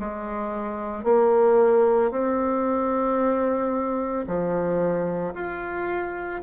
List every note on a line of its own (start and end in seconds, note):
0.00 1.04 G#3
1.04 2.11 A#3
2.11 4.26 C4
4.27 5.34 F3
5.35 6.42 F4